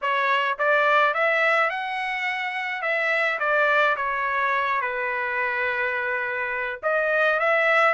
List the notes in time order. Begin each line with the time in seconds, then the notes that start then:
0.01 C#5
0.58 D5
1.14 E5
1.70 F#5
2.82 E5
3.39 D5
3.96 C#5
4.81 B4
6.82 D#5
7.39 E5